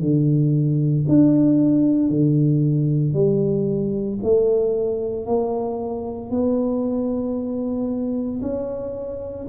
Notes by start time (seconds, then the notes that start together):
0.00 D3
1.09 D4
2.09 D3
3.13 G3
4.22 A3
5.25 A#3
6.30 B3
8.41 C#4